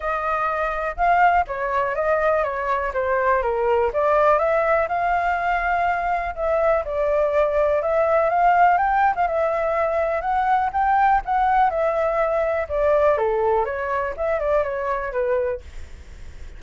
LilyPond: \new Staff \with { instrumentName = "flute" } { \time 4/4 \tempo 4 = 123 dis''2 f''4 cis''4 | dis''4 cis''4 c''4 ais'4 | d''4 e''4 f''2~ | f''4 e''4 d''2 |
e''4 f''4 g''8. f''16 e''4~ | e''4 fis''4 g''4 fis''4 | e''2 d''4 a'4 | cis''4 e''8 d''8 cis''4 b'4 | }